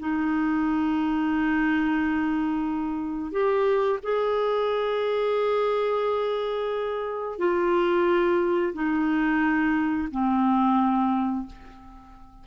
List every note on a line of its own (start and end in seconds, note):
0.00 3.32 D#4
3.32 3.99 G4
4.03 7.39 G#4
7.39 8.73 F4
8.74 10.09 D#4
10.12 11.46 C4